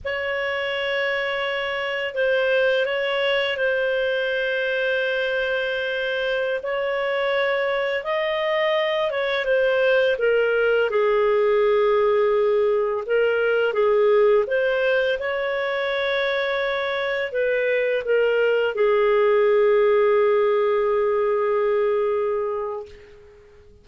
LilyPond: \new Staff \with { instrumentName = "clarinet" } { \time 4/4 \tempo 4 = 84 cis''2. c''4 | cis''4 c''2.~ | c''4~ c''16 cis''2 dis''8.~ | dis''8. cis''8 c''4 ais'4 gis'8.~ |
gis'2~ gis'16 ais'4 gis'8.~ | gis'16 c''4 cis''2~ cis''8.~ | cis''16 b'4 ais'4 gis'4.~ gis'16~ | gis'1 | }